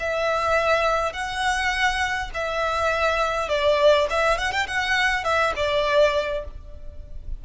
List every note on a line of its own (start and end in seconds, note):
0.00 1.13 E5
1.13 2.31 F#5
2.34 3.49 E5
3.49 4.08 D5
4.10 4.39 E5
4.39 4.53 F#5
4.53 4.67 G5
4.68 5.24 F#5
5.24 5.54 E5
5.57 6.45 D5